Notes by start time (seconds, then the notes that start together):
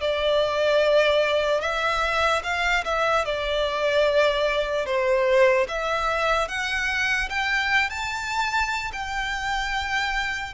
0.00 D5
1.61 E5
2.43 F5
2.84 E5
3.25 D5
4.85 C5
5.68 E5
6.48 F#5
7.29 G5
7.89 A5
8.92 G5